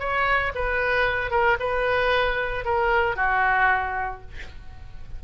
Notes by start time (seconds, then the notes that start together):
0.00 C#5
0.55 B4
1.31 A#4
1.60 B4
2.65 A#4
3.16 F#4